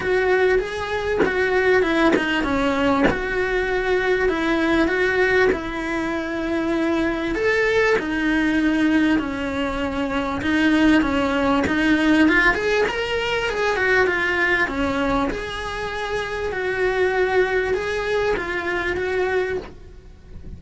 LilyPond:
\new Staff \with { instrumentName = "cello" } { \time 4/4 \tempo 4 = 98 fis'4 gis'4 fis'4 e'8 dis'8 | cis'4 fis'2 e'4 | fis'4 e'2. | a'4 dis'2 cis'4~ |
cis'4 dis'4 cis'4 dis'4 | f'8 gis'8 ais'4 gis'8 fis'8 f'4 | cis'4 gis'2 fis'4~ | fis'4 gis'4 f'4 fis'4 | }